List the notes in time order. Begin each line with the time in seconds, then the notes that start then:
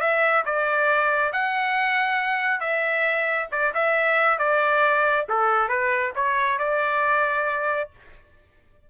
0.00 E5
0.45 D5
1.33 F#5
2.60 E5
3.51 D5
3.74 E5
4.38 D5
5.29 A4
5.69 B4
6.15 C#5
6.59 D5